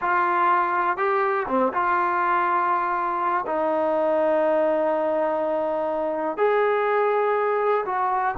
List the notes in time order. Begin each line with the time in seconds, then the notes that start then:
0.01 F4
0.97 G4
1.48 C4
1.73 F4
3.46 D#4
6.37 G#4
7.85 F#4